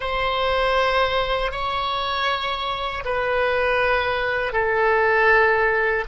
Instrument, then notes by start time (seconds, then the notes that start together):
oboe
0.00 C5
1.51 C#5
3.04 B4
4.52 A4